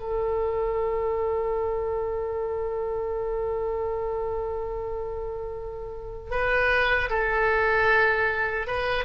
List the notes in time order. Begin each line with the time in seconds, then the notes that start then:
0.00 A4
6.31 B4
7.10 A4
8.67 B4